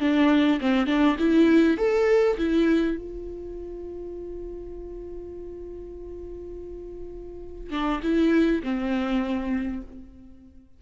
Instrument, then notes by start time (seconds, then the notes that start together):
viola
0.00 D4
0.61 C4
0.87 D4
1.19 E4
1.77 A4
2.38 E4
2.97 F4
7.71 D4
8.03 E4
8.63 C4